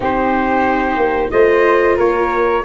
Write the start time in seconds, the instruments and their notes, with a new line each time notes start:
0.00 tuba C4, viola D#4, flute G4, trumpet C5
0.96 tuba A#3
1.30 tuba A3, viola F4, flute C5, trumpet D#5
1.96 tuba A#3, flute A#4, trumpet C#5